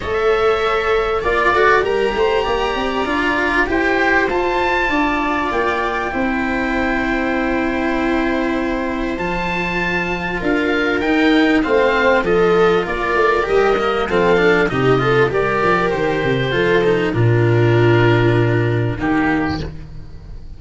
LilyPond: <<
  \new Staff \with { instrumentName = "oboe" } { \time 4/4 \tempo 4 = 98 e''2 d''4 ais''4~ | ais''2 g''4 a''4~ | a''4 g''2.~ | g''2. a''4~ |
a''4 f''4 g''4 f''4 | dis''4 d''4 dis''4 f''4 | dis''4 d''4 c''2 | ais'2. g'4 | }
  \new Staff \with { instrumentName = "viola" } { \time 4/4 cis''2 d''4 ais'8 c''8 | d''2 c''2 | d''2 c''2~ | c''1~ |
c''4 ais'2 c''4 | a'4 ais'2 a'4 | g'8 a'8 ais'2 a'4 | f'2. dis'4 | }
  \new Staff \with { instrumentName = "cello" } { \time 4/4 a'2 f'8 fis'8 g'4~ | g'4 f'4 g'4 f'4~ | f'2 e'2~ | e'2. f'4~ |
f'2 dis'4 c'4 | f'2 g'8 ais8 c'8 d'8 | dis'8 f'8 g'2 f'8 dis'8 | d'2. ais4 | }
  \new Staff \with { instrumentName = "tuba" } { \time 4/4 a2 ais8 a8 g8 a8 | ais8 c'8 d'4 e'4 f'4 | d'4 ais4 c'2~ | c'2. f4~ |
f4 d'4 dis'4 a4 | f4 ais8 a8 g4 f4 | c4 g8 f8 dis8 c8 f4 | ais,2. dis4 | }
>>